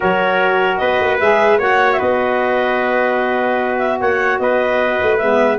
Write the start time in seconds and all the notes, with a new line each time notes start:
0.00 F#3 F#4 A#4 C#5
0.77 B3 B4 D#5
1.00 A#3
1.19 G#3 G#4 E5
1.58 A#3 F#4 C#5 F#5
1.92 E5
1.98 B3 B4 D#5
3.78 E5
4.00 A#3 C#5 F#5
4.39 B3 B4 D#5
5.02 A3
5.17 G#3 B3 E5